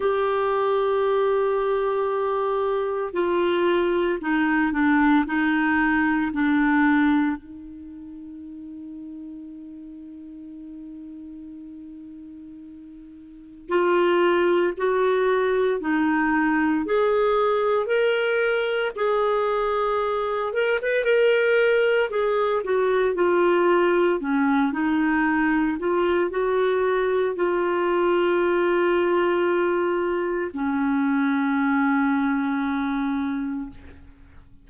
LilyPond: \new Staff \with { instrumentName = "clarinet" } { \time 4/4 \tempo 4 = 57 g'2. f'4 | dis'8 d'8 dis'4 d'4 dis'4~ | dis'1~ | dis'4 f'4 fis'4 dis'4 |
gis'4 ais'4 gis'4. ais'16 b'16 | ais'4 gis'8 fis'8 f'4 cis'8 dis'8~ | dis'8 f'8 fis'4 f'2~ | f'4 cis'2. | }